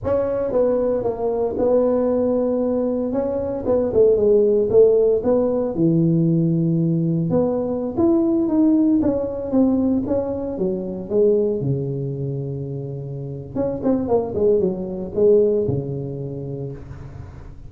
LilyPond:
\new Staff \with { instrumentName = "tuba" } { \time 4/4 \tempo 4 = 115 cis'4 b4 ais4 b4~ | b2 cis'4 b8 a8 | gis4 a4 b4 e4~ | e2 b4~ b16 e'8.~ |
e'16 dis'4 cis'4 c'4 cis'8.~ | cis'16 fis4 gis4 cis4.~ cis16~ | cis2 cis'8 c'8 ais8 gis8 | fis4 gis4 cis2 | }